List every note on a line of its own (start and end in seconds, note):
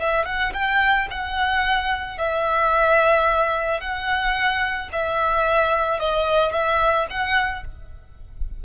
0.00 0.26 E5
0.26 0.53 F#5
0.54 1.09 G5
1.11 2.18 F#5
2.18 3.81 E5
3.81 4.90 F#5
4.93 6.00 E5
6.00 6.53 D#5
6.53 7.07 E5
7.11 7.65 F#5